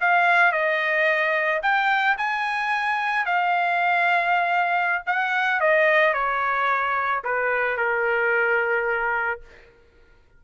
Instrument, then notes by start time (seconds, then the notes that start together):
trumpet
0.00 F5
0.52 D#5
1.62 G5
2.17 G#5
3.25 F5
5.06 F#5
5.60 D#5
6.13 C#5
7.23 B4
7.77 A#4